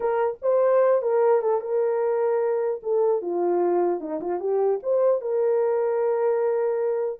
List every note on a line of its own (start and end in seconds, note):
0.00 0.38 A#4
0.42 1.02 C5
1.02 1.41 A#4
1.41 1.60 A4
1.60 2.80 A#4
2.82 3.21 A4
3.21 4.00 F4
4.00 4.20 D#4
4.21 4.39 F4
4.39 4.79 G4
4.83 5.21 C5
5.21 7.20 A#4